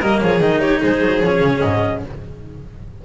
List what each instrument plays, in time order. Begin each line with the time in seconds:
0.00 double bass G3, cello A#3, violin A#4, clarinet D#5
0.21 double bass F3, violin G#4, clarinet C#5
0.40 double bass D#3, cello D#4, clarinet D#5
0.61 violin G4, clarinet C#5
0.81 double bass G#3, violin G#4, clarinet C5
1.01 double bass F#3
1.21 double bass F3, cello C#4, clarinet C#5
1.41 double bass C#3
1.60 double bass G#2, clarinet D#5